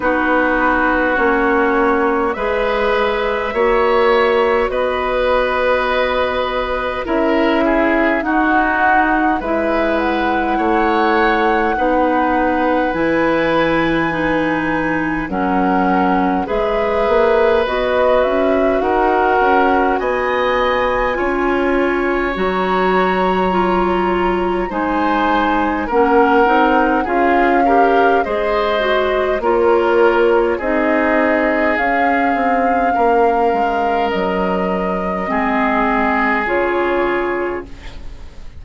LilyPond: <<
  \new Staff \with { instrumentName = "flute" } { \time 4/4 \tempo 4 = 51 b'4 cis''4 e''2 | dis''2 e''4 fis''4 | e''8 fis''2~ fis''8 gis''4~ | gis''4 fis''4 e''4 dis''8 e''8 |
fis''4 gis''2 ais''4~ | ais''4 gis''4 fis''4 f''4 | dis''4 cis''4 dis''4 f''4~ | f''4 dis''2 cis''4 | }
  \new Staff \with { instrumentName = "oboe" } { \time 4/4 fis'2 b'4 cis''4 | b'2 ais'8 gis'8 fis'4 | b'4 cis''4 b'2~ | b'4 ais'4 b'2 |
ais'4 dis''4 cis''2~ | cis''4 c''4 ais'4 gis'8 ais'8 | c''4 ais'4 gis'2 | ais'2 gis'2 | }
  \new Staff \with { instrumentName = "clarinet" } { \time 4/4 dis'4 cis'4 gis'4 fis'4~ | fis'2 e'4 dis'4 | e'2 dis'4 e'4 | dis'4 cis'4 gis'4 fis'4~ |
fis'2 f'4 fis'4 | f'4 dis'4 cis'8 dis'8 f'8 g'8 | gis'8 fis'8 f'4 dis'4 cis'4~ | cis'2 c'4 f'4 | }
  \new Staff \with { instrumentName = "bassoon" } { \time 4/4 b4 ais4 gis4 ais4 | b2 cis'4 dis'4 | gis4 a4 b4 e4~ | e4 fis4 gis8 ais8 b8 cis'8 |
dis'8 cis'8 b4 cis'4 fis4~ | fis4 gis4 ais8 c'8 cis'4 | gis4 ais4 c'4 cis'8 c'8 | ais8 gis8 fis4 gis4 cis4 | }
>>